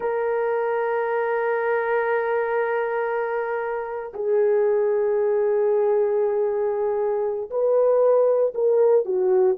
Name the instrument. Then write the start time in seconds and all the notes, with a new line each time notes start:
horn
0.00 A#4
4.13 G#4
7.50 B4
8.54 A#4
9.05 F#4